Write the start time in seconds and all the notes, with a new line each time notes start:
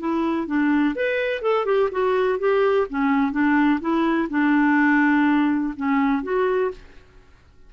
0.00 E4
0.47 D4
0.96 B4
1.42 A4
1.66 G4
1.92 F#4
2.39 G4
2.90 C#4
3.32 D4
3.81 E4
4.30 D4
5.77 C#4
6.23 F#4